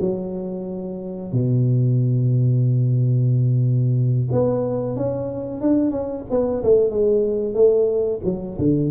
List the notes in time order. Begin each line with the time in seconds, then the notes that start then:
0.00 F#3
1.32 B2
4.31 B3
4.96 C#4
5.60 D4
5.91 C#4
6.30 B3
6.63 A3
6.90 G#3
7.54 A3
8.24 F#3
8.58 D3